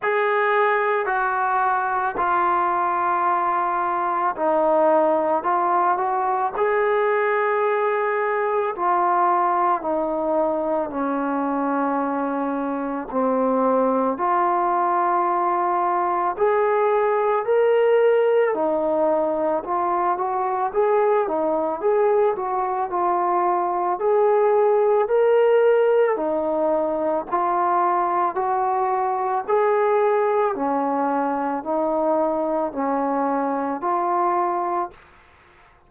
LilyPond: \new Staff \with { instrumentName = "trombone" } { \time 4/4 \tempo 4 = 55 gis'4 fis'4 f'2 | dis'4 f'8 fis'8 gis'2 | f'4 dis'4 cis'2 | c'4 f'2 gis'4 |
ais'4 dis'4 f'8 fis'8 gis'8 dis'8 | gis'8 fis'8 f'4 gis'4 ais'4 | dis'4 f'4 fis'4 gis'4 | cis'4 dis'4 cis'4 f'4 | }